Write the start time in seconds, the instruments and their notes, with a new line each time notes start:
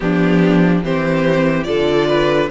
0.00 cello F3, viola B3, violin D4 G4
0.83 cello E3, viola C4, violin G4 C5
1.63 cello D3, viola F4, violin A4 D5
2.08 violin B4